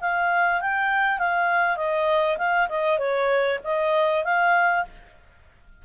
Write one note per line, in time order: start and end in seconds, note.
0.00 0.61 F5
0.61 1.18 G5
1.18 1.76 F5
1.76 2.37 D#5
2.37 2.68 F5
2.69 2.98 D#5
2.98 3.59 C#5
3.63 4.24 D#5
4.24 4.85 F5